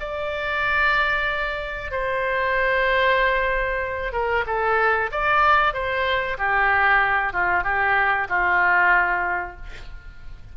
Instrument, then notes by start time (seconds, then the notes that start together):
oboe
0.00 D5
1.91 C5
4.13 A#4
4.47 A4
5.12 D5
5.73 C5
6.38 G4
7.33 F4
7.64 G4
8.29 F4